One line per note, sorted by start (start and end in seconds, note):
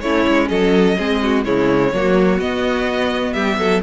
0.00 0.26 A3
0.00 0.97 C#4
0.00 0.49 E4
0.00 0.48 C#5
0.27 0.50 G#3
0.48 0.97 F#3
0.48 0.97 A4
0.48 1.43 D#5
0.97 1.46 G#3
0.97 1.44 C4
0.97 1.21 G#4
1.22 1.44 F#4
1.44 1.93 C#3
1.44 1.92 G#3
1.44 1.92 E4
1.44 2.39 C#5
1.93 2.38 F#3
1.93 2.40 A#3
1.93 3.34 F#4
2.38 3.34 B3
2.38 3.82 B3
2.38 3.33 D#5
3.33 3.57 G3
3.33 3.57 G4
3.33 3.81 E5
3.57 3.81 F#3
3.57 3.82 A4